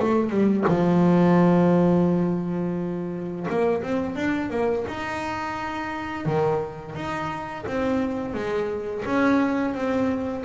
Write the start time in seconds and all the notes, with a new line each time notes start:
0.00 A3
0.30 G3
0.68 F3
3.50 A#3
3.83 C4
4.16 D4
4.51 A#3
4.88 D#4
6.26 D#3
6.96 D#4
7.67 C4
8.34 G#3
9.06 C#4
9.75 C4